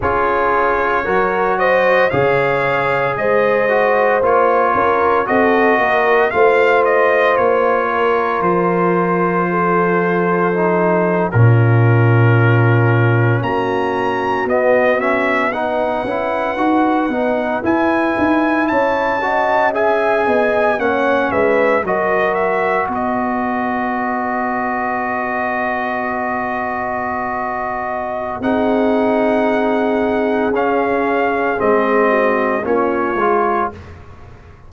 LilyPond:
<<
  \new Staff \with { instrumentName = "trumpet" } { \time 4/4 \tempo 4 = 57 cis''4. dis''8 f''4 dis''4 | cis''4 dis''4 f''8 dis''8 cis''4 | c''2~ c''8. ais'4~ ais'16~ | ais'8. ais''4 dis''8 e''8 fis''4~ fis''16~ |
fis''8. gis''4 a''4 gis''4 fis''16~ | fis''16 e''8 dis''8 e''8 dis''2~ dis''16~ | dis''2. fis''4~ | fis''4 f''4 dis''4 cis''4 | }
  \new Staff \with { instrumentName = "horn" } { \time 4/4 gis'4 ais'8 c''8 cis''4 c''4~ | c''8 ais'8 a'8 ais'8 c''4. ais'8~ | ais'4 a'4.~ a'16 f'4~ f'16~ | f'8. fis'2 b'4~ b'16~ |
b'4.~ b'16 cis''8 dis''8 e''8 dis''8 cis''16~ | cis''16 b'8 ais'4 b'2~ b'16~ | b'2. gis'4~ | gis'2~ gis'8 fis'8 f'4 | }
  \new Staff \with { instrumentName = "trombone" } { \time 4/4 f'4 fis'4 gis'4. fis'8 | f'4 fis'4 f'2~ | f'2 dis'8. cis'4~ cis'16~ | cis'4.~ cis'16 b8 cis'8 dis'8 e'8 fis'16~ |
fis'16 dis'8 e'4. fis'8 gis'4 cis'16~ | cis'8. fis'2.~ fis'16~ | fis'2. dis'4~ | dis'4 cis'4 c'4 cis'8 f'8 | }
  \new Staff \with { instrumentName = "tuba" } { \time 4/4 cis'4 fis4 cis4 gis4 | ais8 cis'8 c'8 ais8 a4 ais4 | f2~ f8. ais,4~ ais,16~ | ais,8. ais4 b4. cis'8 dis'16~ |
dis'16 b8 e'8 dis'8 cis'4. b8 ais16~ | ais16 gis8 fis4 b2~ b16~ | b2. c'4~ | c'4 cis'4 gis4 ais8 gis8 | }
>>